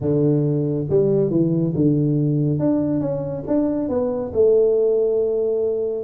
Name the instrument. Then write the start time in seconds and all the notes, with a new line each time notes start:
tuba
0.00 D3
0.89 G3
1.30 E3
1.75 D3
2.59 D4
3.00 C#4
3.47 D4
3.88 B3
4.33 A3